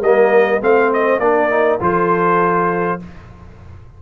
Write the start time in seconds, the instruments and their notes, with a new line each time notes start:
0.00 tuba G3, horn A#4, trumpet D#5
0.06 trombone A#3
0.62 tuba A3, trombone C4, horn C5, trumpet F5
0.93 trumpet D#5
1.19 tuba A#3, trombone D4, horn A#4, trumpet D5
1.50 trombone D#4
1.81 tuba F3, trombone F4, horn A4, trumpet C5